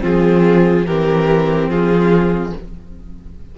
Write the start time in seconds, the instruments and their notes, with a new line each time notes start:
0.00 cello F3, violin C4 G#4, viola F4
0.85 cello E3, viola C4, violin G4 A#4
1.68 cello F3, violin F4 G#4